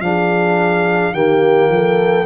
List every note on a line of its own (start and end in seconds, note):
0.00 1.13 F3
0.00 1.14 D4
0.00 1.13 G#4
0.00 1.13 F5
1.13 1.69 D#3
1.13 2.25 A#3
1.13 1.70 G4
1.13 2.25 G5
1.69 2.25 F3
1.69 2.25 A4